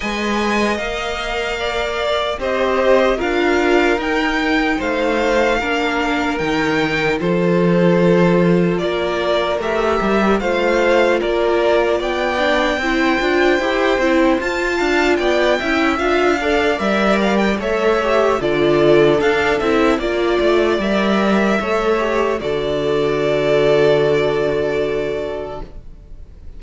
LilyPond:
<<
  \new Staff \with { instrumentName = "violin" } { \time 4/4 \tempo 4 = 75 gis''4 f''2 dis''4 | f''4 g''4 f''2 | g''4 c''2 d''4 | e''4 f''4 d''4 g''4~ |
g''2 a''4 g''4 | f''4 e''8 f''16 g''16 e''4 d''4 | f''8 e''8 d''4 e''2 | d''1 | }
  \new Staff \with { instrumentName = "violin" } { \time 4/4 dis''2 d''4 c''4 | ais'2 c''4 ais'4~ | ais'4 a'2 ais'4~ | ais'4 c''4 ais'4 d''4 |
c''2~ c''8 f''8 d''8 e''8~ | e''8 d''4. cis''4 a'4~ | a'4 d''2 cis''4 | a'1 | }
  \new Staff \with { instrumentName = "viola" } { \time 4/4 b'4 ais'2 g'4 | f'4 dis'2 d'4 | dis'4 f'2. | g'4 f'2~ f'8 d'8 |
e'8 f'8 g'8 e'8 f'4. e'8 | f'8 a'8 ais'4 a'8 g'8 f'4 | d'8 e'8 f'4 ais'4 a'8 g'8 | fis'1 | }
  \new Staff \with { instrumentName = "cello" } { \time 4/4 gis4 ais2 c'4 | d'4 dis'4 a4 ais4 | dis4 f2 ais4 | a8 g8 a4 ais4 b4 |
c'8 d'8 e'8 c'8 f'8 d'8 b8 cis'8 | d'4 g4 a4 d4 | d'8 c'8 ais8 a8 g4 a4 | d1 | }
>>